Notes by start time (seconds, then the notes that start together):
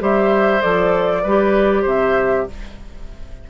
0.00 G3 G4 C5 E5
0.62 F3 A4 D5
1.23 G3 G4 B4
1.82 C3 C5 E5